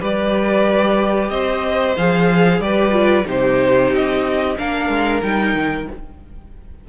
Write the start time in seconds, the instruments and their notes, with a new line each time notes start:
0.00 cello G3, viola G4, violin B4 D5
1.29 cello C4, violin C5 D#5
1.97 cello F3, viola G#4, violin F5
2.60 cello G3, viola G4, violin B4 D5
2.92 viola F4
3.26 cello C3, viola D#4, violin G4 C5
3.92 cello C4, violin D#5
4.58 cello A#3, viola D4, violin A#4 F5
4.89 cello G#3
5.23 cello G3, viola D#4, violin G5
5.55 cello D#3